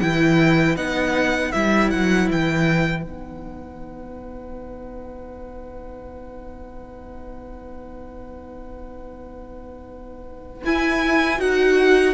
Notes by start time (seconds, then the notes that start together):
0.00 E3 E4 B4 G5
0.76 B3 D#4 F#5
1.52 G3 E4 E5
1.91 F#3 F#5
2.30 E3 G5
3.03 B3 D#4 F#5
10.65 E4 G#5
11.38 D#4 F#4 F#5